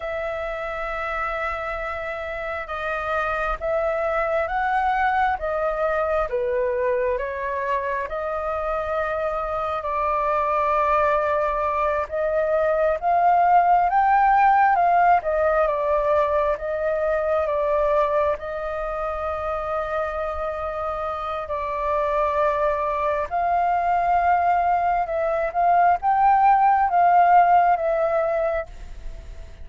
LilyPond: \new Staff \with { instrumentName = "flute" } { \time 4/4 \tempo 4 = 67 e''2. dis''4 | e''4 fis''4 dis''4 b'4 | cis''4 dis''2 d''4~ | d''4. dis''4 f''4 g''8~ |
g''8 f''8 dis''8 d''4 dis''4 d''8~ | d''8 dis''2.~ dis''8 | d''2 f''2 | e''8 f''8 g''4 f''4 e''4 | }